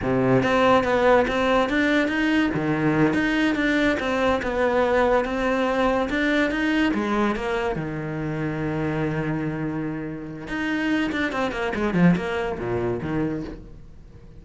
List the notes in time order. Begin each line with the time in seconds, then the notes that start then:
0.02 C3
0.42 C4
0.84 B3
1.27 C4
1.69 D4
2.08 D#4
2.54 D#3
3.13 D#4
3.55 D4
3.99 C4
4.42 B3
5.24 C4
6.09 D4
6.50 D#4
6.93 G#3
7.35 A#3
7.75 D#3
10.47 D#4
11.12 D4
11.32 C4
11.51 A#3
11.74 G#3
11.94 F3
12.16 A#3
12.58 A#2
13.02 D#3